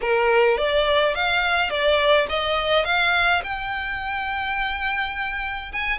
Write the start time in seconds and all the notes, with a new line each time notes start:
0.01 A#4
0.57 D5
1.14 F5
1.70 D5
2.29 D#5
2.84 F5
3.43 G5
5.72 G#5